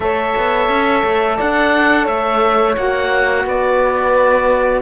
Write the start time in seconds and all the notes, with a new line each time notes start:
0.00 A3 A4 C#5 E5
0.37 B3
0.68 C#4
1.03 A3
1.36 D4 D5 F#5
2.03 A3 C#5 E5
2.76 A#3 F#4 F#5
3.45 B3 B4 D5